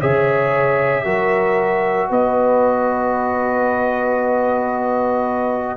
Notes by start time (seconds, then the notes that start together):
0.00 C#3 G#4 C#5 E5
1.05 F#3 F#4 A#4
2.10 B3 B4 D#5